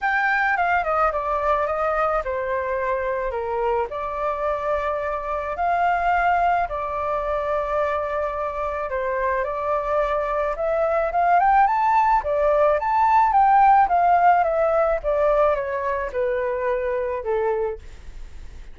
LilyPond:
\new Staff \with { instrumentName = "flute" } { \time 4/4 \tempo 4 = 108 g''4 f''8 dis''8 d''4 dis''4 | c''2 ais'4 d''4~ | d''2 f''2 | d''1 |
c''4 d''2 e''4 | f''8 g''8 a''4 d''4 a''4 | g''4 f''4 e''4 d''4 | cis''4 b'2 a'4 | }